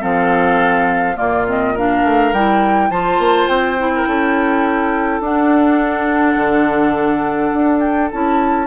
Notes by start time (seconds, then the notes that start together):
0.00 F3 C4 A4 F5
1.15 A#2 A#3 F4 D5
1.47 C4 D#5
1.73 D4 A#4 F5
2.04 A3
2.32 G3 E4 G5
2.90 F3 F4 C5 A5
3.18 A#3
3.48 C4 G5
3.78 E4
3.95 A#4
4.07 C#4 A4
5.20 D4 F#5
6.36 D3
7.53 D4
7.80 G5
8.11 C#4 E4 A5